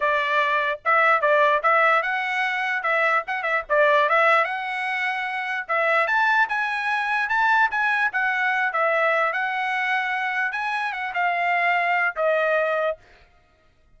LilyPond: \new Staff \with { instrumentName = "trumpet" } { \time 4/4 \tempo 4 = 148 d''2 e''4 d''4 | e''4 fis''2 e''4 | fis''8 e''8 d''4 e''4 fis''4~ | fis''2 e''4 a''4 |
gis''2 a''4 gis''4 | fis''4. e''4. fis''4~ | fis''2 gis''4 fis''8 f''8~ | f''2 dis''2 | }